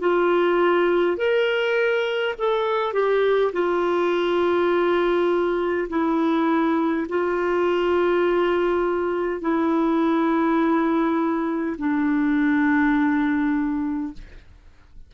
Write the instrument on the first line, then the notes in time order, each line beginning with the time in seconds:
clarinet
0.00 F4
1.17 A#4
2.39 A4
2.94 G4
3.53 F4
5.89 E4
7.09 F4
9.41 E4
11.78 D4